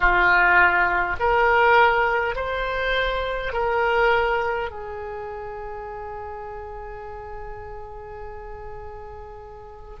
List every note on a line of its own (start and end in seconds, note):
0.00 1.16 F4
1.19 2.35 A#4
2.35 3.52 C5
3.52 4.70 A#4
4.70 9.99 G#4